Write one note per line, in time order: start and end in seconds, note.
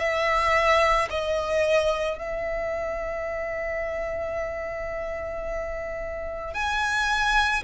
0.00 1.09 E5
1.11 2.19 D#5
2.19 6.55 E5
6.55 7.64 G#5